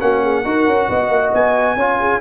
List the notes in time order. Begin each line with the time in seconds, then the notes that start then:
0.00 A#3 C#4 F#4 F#5
0.23 G#4
0.45 D#4 F#4 A#4
0.66 C#4
0.88 B3 D#5
1.09 A#3
1.33 B3 G#5
1.75 C#4 F4 C#5
1.99 G#4